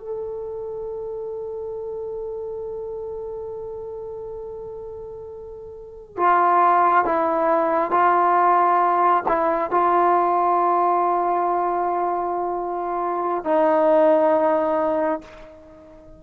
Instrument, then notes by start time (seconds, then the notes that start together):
trombone
0.00 A4
6.17 F4
7.05 E4
7.91 F4
9.28 E4
9.71 F4
13.45 D#4